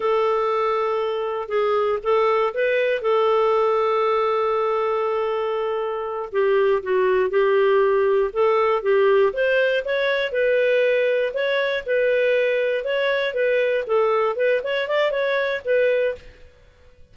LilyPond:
\new Staff \with { instrumentName = "clarinet" } { \time 4/4 \tempo 4 = 119 a'2. gis'4 | a'4 b'4 a'2~ | a'1~ | a'8 g'4 fis'4 g'4.~ |
g'8 a'4 g'4 c''4 cis''8~ | cis''8 b'2 cis''4 b'8~ | b'4. cis''4 b'4 a'8~ | a'8 b'8 cis''8 d''8 cis''4 b'4 | }